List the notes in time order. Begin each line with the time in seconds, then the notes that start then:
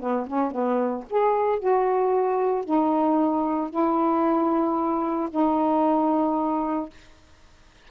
0.00 B3
0.27 C#4
0.51 B3
1.10 G#4
1.60 F#4
2.65 D#4
3.70 E4
5.31 D#4